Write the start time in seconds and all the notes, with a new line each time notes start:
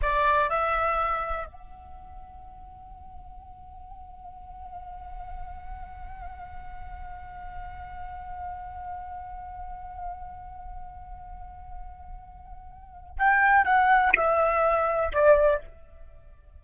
0.02 D5
0.49 E5
1.46 F#5
13.18 G5
13.64 F#5
14.15 E5
15.13 D5